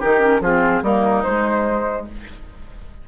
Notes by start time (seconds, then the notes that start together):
0.00 D#3 D#4 G4 A#4
0.20 C#4
0.41 F3 C4 F4 G#4
0.83 G3 A#3 D#4 A#4
1.23 G#3 C5